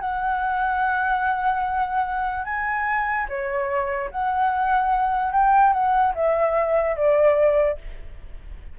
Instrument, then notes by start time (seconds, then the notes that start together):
flute
0.00 F#5
2.45 G#5
3.29 C#5
4.11 F#5
5.32 G5
5.73 F#5
6.15 E5
6.96 D5